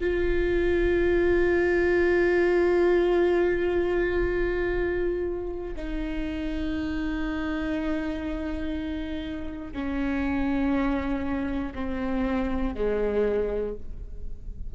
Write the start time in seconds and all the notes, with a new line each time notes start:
0.00 F4
5.76 D#4
9.73 C#4
11.74 C4
12.75 G#3